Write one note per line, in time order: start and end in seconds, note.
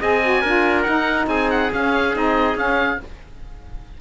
0.00 0.44 C4
0.00 0.22 G#4
0.00 0.42 D#5
0.00 0.83 G#5
0.23 0.44 F#4
0.42 0.87 D4
0.42 0.85 F4
0.42 1.27 A#4
0.83 1.71 D#4
0.83 1.27 D#4
0.83 1.26 F#5
1.27 1.70 C4
1.27 3.01 G#4
1.27 1.50 G#5
1.50 1.72 F#5
1.72 2.15 C#4
1.72 2.16 C#4
1.72 2.16 F5
2.15 2.55 C4
2.15 2.57 D#4
2.15 2.58 D#5
2.55 2.98 C#4
2.55 2.99 C#4
2.55 3.01 F5